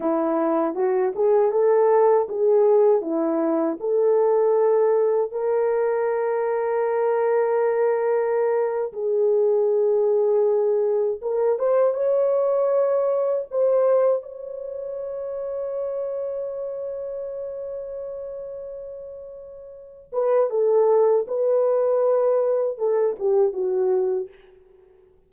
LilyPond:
\new Staff \with { instrumentName = "horn" } { \time 4/4 \tempo 4 = 79 e'4 fis'8 gis'8 a'4 gis'4 | e'4 a'2 ais'4~ | ais'2.~ ais'8. gis'16~ | gis'2~ gis'8. ais'8 c''8 cis''16~ |
cis''4.~ cis''16 c''4 cis''4~ cis''16~ | cis''1~ | cis''2~ cis''8 b'8 a'4 | b'2 a'8 g'8 fis'4 | }